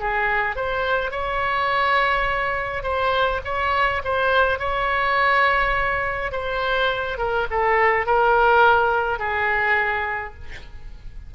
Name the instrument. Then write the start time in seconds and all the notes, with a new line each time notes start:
oboe
0.00 G#4
0.56 C5
1.11 C#5
2.83 C5
3.45 C#5
4.04 C5
4.59 C#5
6.32 C5
7.18 A#4
7.51 A4
8.06 A#4
9.19 G#4